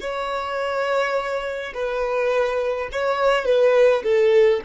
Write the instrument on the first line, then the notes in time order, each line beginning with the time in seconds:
violin
0.00 C#5
1.74 B4
2.92 C#5
3.45 B4
4.03 A4